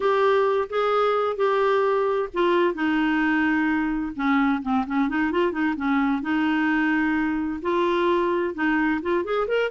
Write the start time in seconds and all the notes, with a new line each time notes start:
0.00 G4
0.69 G#4
1.36 G4
2.33 F4
2.74 D#4
4.15 C#4
4.62 C4
4.86 C#4
5.09 D#4
5.31 F4
5.52 D#4
5.76 C#4
6.21 D#4
7.62 F4
8.54 D#4
9.02 F4
9.24 G#4
9.47 A#4